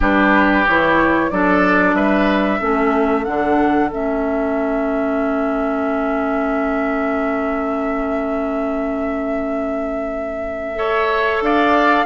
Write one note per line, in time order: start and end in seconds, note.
0.00 0.65 G3
0.00 0.66 D4
0.00 1.30 G4
0.00 0.66 B4
0.66 1.31 E3
0.66 1.31 E4
0.66 1.30 C#5
1.30 1.94 F#3
1.30 2.60 D4
1.30 1.96 A4
1.30 1.95 D5
1.94 2.59 G3
1.94 2.60 B4
1.94 3.24 E5
2.60 3.26 A3
2.60 3.25 C#4
2.60 10.75 A4
3.24 3.91 D3
3.24 3.90 D4
3.24 3.89 F#5
3.91 11.40 A3
3.91 10.75 C#4
3.91 11.43 E5
10.75 12.05 A4
10.75 11.43 C#5
11.40 12.05 D4
11.40 12.05 D5
11.40 12.05 F5